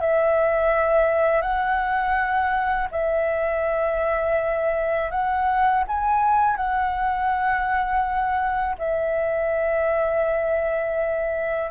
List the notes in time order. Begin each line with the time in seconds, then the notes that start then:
0.00 E5
1.41 F#5
2.91 E5
5.10 F#5
5.87 G#5
6.56 F#5
8.78 E5